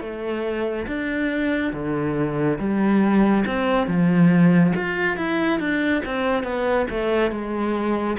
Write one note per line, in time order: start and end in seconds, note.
0.00 0.86 A3
0.87 1.73 D4
1.73 2.58 D3
2.58 3.44 G3
3.46 3.87 C4
3.87 4.73 F3
4.75 5.17 F4
5.17 5.59 E4
5.59 6.02 D4
6.05 6.43 C4
6.43 6.86 B3
6.90 7.31 A3
7.31 8.17 G#3